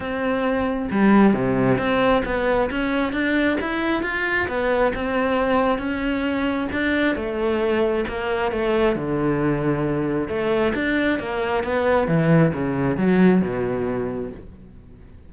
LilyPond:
\new Staff \with { instrumentName = "cello" } { \time 4/4 \tempo 4 = 134 c'2 g4 c4 | c'4 b4 cis'4 d'4 | e'4 f'4 b4 c'4~ | c'4 cis'2 d'4 |
a2 ais4 a4 | d2. a4 | d'4 ais4 b4 e4 | cis4 fis4 b,2 | }